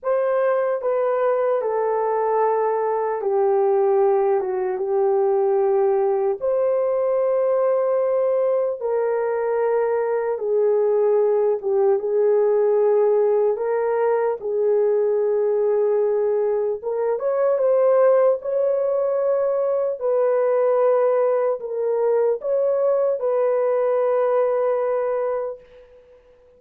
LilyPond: \new Staff \with { instrumentName = "horn" } { \time 4/4 \tempo 4 = 75 c''4 b'4 a'2 | g'4. fis'8 g'2 | c''2. ais'4~ | ais'4 gis'4. g'8 gis'4~ |
gis'4 ais'4 gis'2~ | gis'4 ais'8 cis''8 c''4 cis''4~ | cis''4 b'2 ais'4 | cis''4 b'2. | }